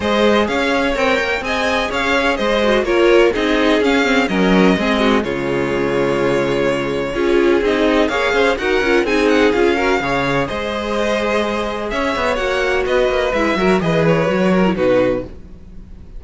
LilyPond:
<<
  \new Staff \with { instrumentName = "violin" } { \time 4/4 \tempo 4 = 126 dis''4 f''4 g''4 gis''4 | f''4 dis''4 cis''4 dis''4 | f''4 dis''2 cis''4~ | cis''1 |
dis''4 f''4 fis''4 gis''8 fis''8 | f''2 dis''2~ | dis''4 e''4 fis''4 dis''4 | e''4 dis''8 cis''4. b'4 | }
  \new Staff \with { instrumentName = "violin" } { \time 4/4 c''4 cis''2 dis''4 | cis''4 c''4 ais'4 gis'4~ | gis'4 ais'4 gis'8 fis'8 f'4~ | f'2. gis'4~ |
gis'4 cis''8 c''8 ais'4 gis'4~ | gis'8 ais'8 cis''4 c''2~ | c''4 cis''2 b'4~ | b'8 ais'8 b'4. ais'8 fis'4 | }
  \new Staff \with { instrumentName = "viola" } { \time 4/4 gis'2 ais'4 gis'4~ | gis'4. fis'8 f'4 dis'4 | cis'8 c'8 cis'4 c'4 gis4~ | gis2. f'4 |
dis'4 gis'4 fis'8 f'8 dis'4 | f'8 fis'8 gis'2.~ | gis'2 fis'2 | e'8 fis'8 gis'4 fis'8. e'16 dis'4 | }
  \new Staff \with { instrumentName = "cello" } { \time 4/4 gis4 cis'4 c'8 ais8 c'4 | cis'4 gis4 ais4 c'4 | cis'4 fis4 gis4 cis4~ | cis2. cis'4 |
c'4 ais8 cis'8 dis'8 cis'8 c'4 | cis'4 cis4 gis2~ | gis4 cis'8 b8 ais4 b8 ais8 | gis8 fis8 e4 fis4 b,4 | }
>>